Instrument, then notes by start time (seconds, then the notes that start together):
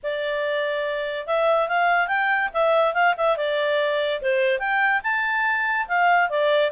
clarinet
0.03 D5
1.27 E5
1.68 F5
2.07 G5
2.53 E5
2.94 F5
3.17 E5
3.36 D5
4.21 C5
4.59 G5
5.03 A5
5.87 F5
6.29 D5